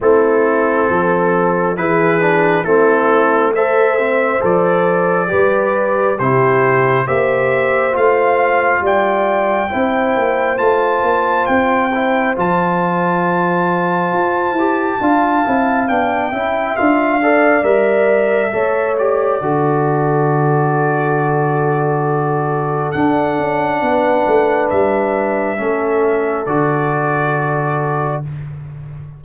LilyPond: <<
  \new Staff \with { instrumentName = "trumpet" } { \time 4/4 \tempo 4 = 68 a'2 b'4 a'4 | e''4 d''2 c''4 | e''4 f''4 g''2 | a''4 g''4 a''2~ |
a''2 g''4 f''4 | e''4. d''2~ d''8~ | d''2 fis''2 | e''2 d''2 | }
  \new Staff \with { instrumentName = "horn" } { \time 4/4 e'4 a'4 gis'4 e'4 | c''2 b'4 g'4 | c''2 d''4 c''4~ | c''1~ |
c''4 f''4. e''4 d''8~ | d''4 cis''4 a'2~ | a'2. b'4~ | b'4 a'2. | }
  \new Staff \with { instrumentName = "trombone" } { \time 4/4 c'2 e'8 d'8 c'4 | a'8 c'8 a'4 g'4 e'4 | g'4 f'2 e'4 | f'4. e'8 f'2~ |
f'8 g'8 f'8 e'8 d'8 e'8 f'8 a'8 | ais'4 a'8 g'8 fis'2~ | fis'2 d'2~ | d'4 cis'4 fis'2 | }
  \new Staff \with { instrumentName = "tuba" } { \time 4/4 a4 f4 e4 a4~ | a4 f4 g4 c4 | ais4 a4 g4 c'8 ais8 | a8 ais8 c'4 f2 |
f'8 e'8 d'8 c'8 b8 cis'8 d'4 | g4 a4 d2~ | d2 d'8 cis'8 b8 a8 | g4 a4 d2 | }
>>